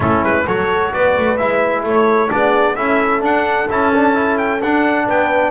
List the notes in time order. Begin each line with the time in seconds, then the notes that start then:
0.00 A3 C#4 E4 A4
0.22 G#3 B4
0.45 F#3 F#4 A4 C#5
0.93 B3 B4 D5
1.17 A3
1.37 G#3 E4 E5
1.83 A3 A4 C#5
2.28 B3 D4 G#4 D5
2.75 C#4 E4 A4 E5
3.20 D4 F#5
3.69 C#4 E4 A5
3.94 D4
4.14 E4
4.38 G5
4.61 D4 F#5
5.05 B3 B4 G5